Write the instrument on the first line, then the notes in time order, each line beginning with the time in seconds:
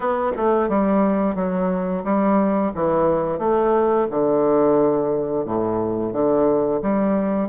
bassoon
0.00 B3
0.36 A3
0.68 G3
1.35 F#3
2.04 G3
2.74 E3
3.38 A3
4.10 D3
5.45 A2
6.12 D3
6.82 G3